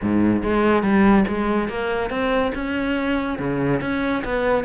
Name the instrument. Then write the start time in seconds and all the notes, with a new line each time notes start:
cello
0.01 G#2
0.43 G#3
0.82 G3
1.27 G#3
1.68 A#3
2.10 C4
2.54 C#4
3.38 C#3
3.80 C#4
4.24 B3